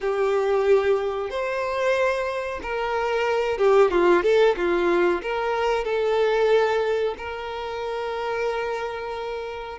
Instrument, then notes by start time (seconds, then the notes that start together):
violin
0.00 G4
1.30 C5
2.62 A#4
3.58 G4
3.90 F4
4.22 A4
4.56 F4
5.22 A#4
5.84 A4
7.17 A#4